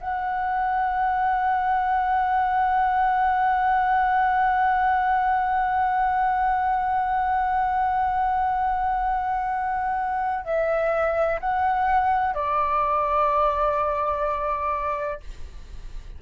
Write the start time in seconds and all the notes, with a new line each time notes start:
0.00 F#5
10.44 E5
11.40 F#5
12.34 D5